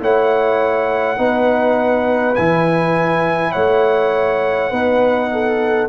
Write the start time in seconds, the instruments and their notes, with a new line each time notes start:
0.00 tuba A3, trombone E4, horn C#5, trumpet F#5
1.17 tuba B3, trombone D#4, horn B4
2.35 tuba E3, trombone E4, trumpet G#5
3.51 tuba A3, horn C#5, trumpet F#5
4.70 tuba B3, trombone D#4, horn B4
5.32 horn A4